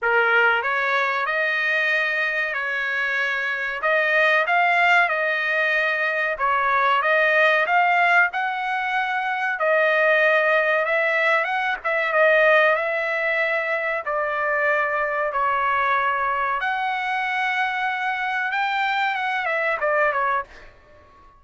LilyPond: \new Staff \with { instrumentName = "trumpet" } { \time 4/4 \tempo 4 = 94 ais'4 cis''4 dis''2 | cis''2 dis''4 f''4 | dis''2 cis''4 dis''4 | f''4 fis''2 dis''4~ |
dis''4 e''4 fis''8 e''8 dis''4 | e''2 d''2 | cis''2 fis''2~ | fis''4 g''4 fis''8 e''8 d''8 cis''8 | }